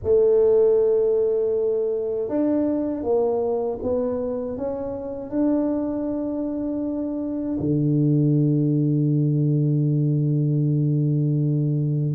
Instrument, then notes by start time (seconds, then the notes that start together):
tuba
0.03 A3
2.28 D4
3.02 A#3
3.82 B3
4.57 C#4
5.30 D4
7.59 D3